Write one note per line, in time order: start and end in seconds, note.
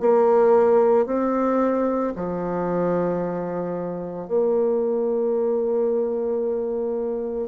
0.00 1.06 A#3
1.06 2.13 C4
2.16 4.28 F3
4.28 7.48 A#3